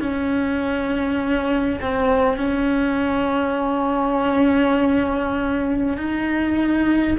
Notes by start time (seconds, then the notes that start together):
0.00 C#4
1.81 C4
2.37 C#4
5.97 D#4